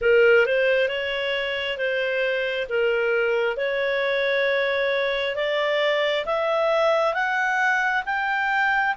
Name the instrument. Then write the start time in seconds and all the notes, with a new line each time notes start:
clarinet
0.01 A#4
0.46 C5
0.88 C#5
1.77 C5
2.69 A#4
3.57 C#5
5.35 D5
6.25 E5
7.14 F#5
8.05 G5